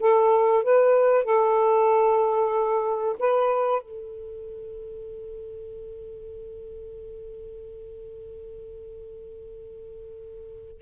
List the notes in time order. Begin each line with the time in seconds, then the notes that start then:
0.00 A4
0.64 B4
1.25 A4
3.19 B4
3.82 A4